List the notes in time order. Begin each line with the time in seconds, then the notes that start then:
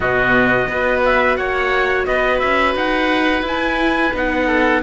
0.00 B2 B3 F#4 D#5
0.68 B3 F#4 B4
1.05 E5
1.36 A#3 C#5 F#5
2.06 B3 B4 D#5
2.39 C#4 E5
2.75 D#4 F#5
3.42 E4 G#5
4.13 B3 D#4 F#5
4.47 A4